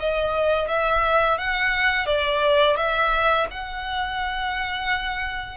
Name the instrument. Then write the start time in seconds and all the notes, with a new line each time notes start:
violin
0.00 D#5
0.69 E5
1.39 F#5
2.07 D5
2.77 E5
3.51 F#5